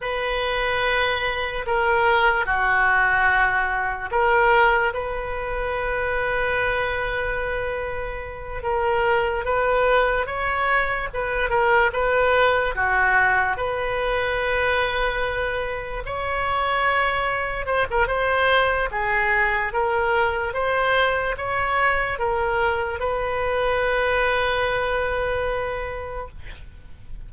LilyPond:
\new Staff \with { instrumentName = "oboe" } { \time 4/4 \tempo 4 = 73 b'2 ais'4 fis'4~ | fis'4 ais'4 b'2~ | b'2~ b'8 ais'4 b'8~ | b'8 cis''4 b'8 ais'8 b'4 fis'8~ |
fis'8 b'2. cis''8~ | cis''4. c''16 ais'16 c''4 gis'4 | ais'4 c''4 cis''4 ais'4 | b'1 | }